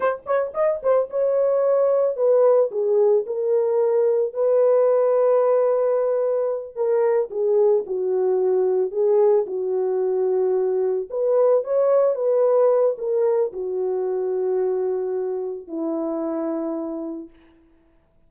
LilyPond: \new Staff \with { instrumentName = "horn" } { \time 4/4 \tempo 4 = 111 c''8 cis''8 dis''8 c''8 cis''2 | b'4 gis'4 ais'2 | b'1~ | b'8 ais'4 gis'4 fis'4.~ |
fis'8 gis'4 fis'2~ fis'8~ | fis'8 b'4 cis''4 b'4. | ais'4 fis'2.~ | fis'4 e'2. | }